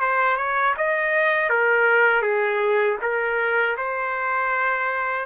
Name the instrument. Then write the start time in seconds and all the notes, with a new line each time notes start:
trumpet
0.00 C5
0.36 C#5
0.77 D#5
1.49 A#4
2.22 G#4
3.01 A#4
3.77 C5